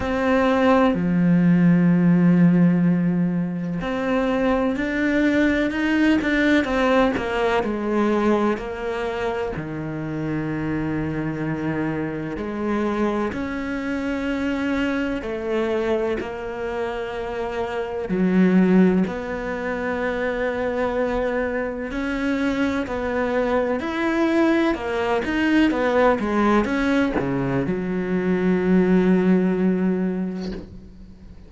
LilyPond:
\new Staff \with { instrumentName = "cello" } { \time 4/4 \tempo 4 = 63 c'4 f2. | c'4 d'4 dis'8 d'8 c'8 ais8 | gis4 ais4 dis2~ | dis4 gis4 cis'2 |
a4 ais2 fis4 | b2. cis'4 | b4 e'4 ais8 dis'8 b8 gis8 | cis'8 cis8 fis2. | }